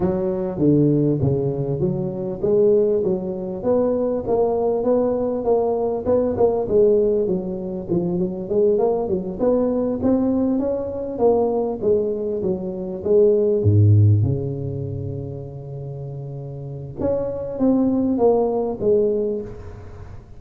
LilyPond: \new Staff \with { instrumentName = "tuba" } { \time 4/4 \tempo 4 = 99 fis4 d4 cis4 fis4 | gis4 fis4 b4 ais4 | b4 ais4 b8 ais8 gis4 | fis4 f8 fis8 gis8 ais8 fis8 b8~ |
b8 c'4 cis'4 ais4 gis8~ | gis8 fis4 gis4 gis,4 cis8~ | cis1 | cis'4 c'4 ais4 gis4 | }